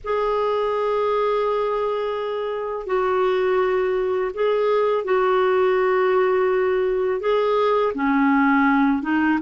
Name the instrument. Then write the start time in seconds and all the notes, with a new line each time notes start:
clarinet
0.04 G#4
2.86 F#4
4.33 G#4
5.04 F#4
7.20 G#4
7.94 C#4
9.02 D#4